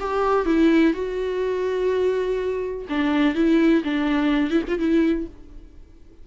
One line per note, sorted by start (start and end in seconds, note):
0.00 0.46 G4
0.46 0.94 E4
0.94 2.86 F#4
2.90 3.35 D4
3.35 3.83 E4
3.84 4.51 D4
4.51 4.63 E4
4.68 4.79 F4
4.79 5.27 E4